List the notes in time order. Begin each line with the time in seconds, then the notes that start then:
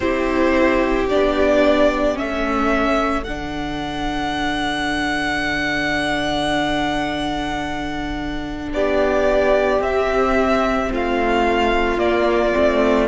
0.00 C4 E4 G4 C5
1.09 B3 D4 D5
2.14 A3 C#4 A4 E5
3.23 D3 D4 F#5
8.72 B3 G4 D5
9.80 C4 E5
10.91 A3 F4 F5
11.98 A#3 D5
12.53 A3 C4